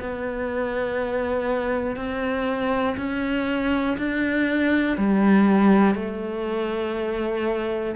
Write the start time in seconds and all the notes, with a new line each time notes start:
0.00 B3
1.96 C4
2.97 C#4
3.97 D4
4.97 G3
5.95 A3